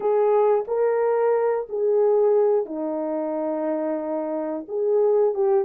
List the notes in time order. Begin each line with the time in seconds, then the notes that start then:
0.00 G#4
0.67 A#4
1.69 G#4
2.65 D#4
4.68 G#4
5.34 G4